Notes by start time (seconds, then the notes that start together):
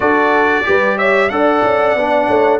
0.00 D4 F#4 A4 D5
0.63 G3 G4 B4
0.97 C#5 E5
1.29 D4 A4 D5 F#5
1.63 C#4
1.95 B3 D4
2.27 A3 C#5